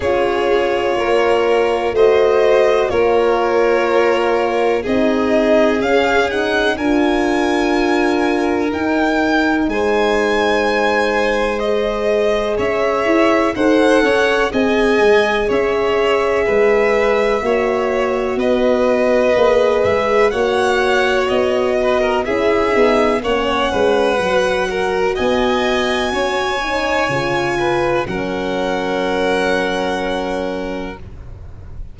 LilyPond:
<<
  \new Staff \with { instrumentName = "violin" } { \time 4/4 \tempo 4 = 62 cis''2 dis''4 cis''4~ | cis''4 dis''4 f''8 fis''8 gis''4~ | gis''4 g''4 gis''2 | dis''4 e''4 fis''4 gis''4 |
e''2. dis''4~ | dis''8 e''8 fis''4 dis''4 e''4 | fis''2 gis''2~ | gis''4 fis''2. | }
  \new Staff \with { instrumentName = "violin" } { \time 4/4 gis'4 ais'4 c''4 ais'4~ | ais'4 gis'2 ais'4~ | ais'2 c''2~ | c''4 cis''4 c''8 cis''8 dis''4 |
cis''4 b'4 cis''4 b'4~ | b'4 cis''4. b'16 ais'16 gis'4 | cis''8 b'4 ais'8 dis''4 cis''4~ | cis''8 b'8 ais'2. | }
  \new Staff \with { instrumentName = "horn" } { \time 4/4 f'2 fis'4 f'4~ | f'4 dis'4 cis'8 dis'8 f'4~ | f'4 dis'2. | gis'2 a'4 gis'4~ |
gis'2 fis'2 | gis'4 fis'2 e'8 dis'8 | cis'4 fis'2~ fis'8 dis'8 | f'4 cis'2. | }
  \new Staff \with { instrumentName = "tuba" } { \time 4/4 cis'4 ais4 a4 ais4~ | ais4 c'4 cis'4 d'4~ | d'4 dis'4 gis2~ | gis4 cis'8 e'8 dis'8 cis'8 c'8 gis8 |
cis'4 gis4 ais4 b4 | ais8 gis8 ais4 b4 cis'8 b8 | ais8 gis8 fis4 b4 cis'4 | cis4 fis2. | }
>>